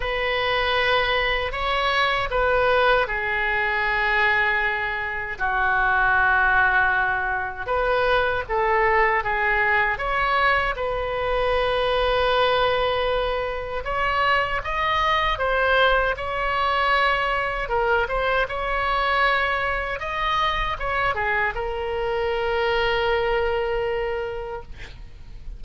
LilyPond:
\new Staff \with { instrumentName = "oboe" } { \time 4/4 \tempo 4 = 78 b'2 cis''4 b'4 | gis'2. fis'4~ | fis'2 b'4 a'4 | gis'4 cis''4 b'2~ |
b'2 cis''4 dis''4 | c''4 cis''2 ais'8 c''8 | cis''2 dis''4 cis''8 gis'8 | ais'1 | }